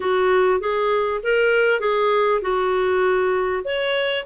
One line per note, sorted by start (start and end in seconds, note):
0.00 0.60 F#4
0.60 1.20 G#4
1.23 1.80 A#4
1.80 2.40 G#4
2.41 3.62 F#4
3.64 4.25 C#5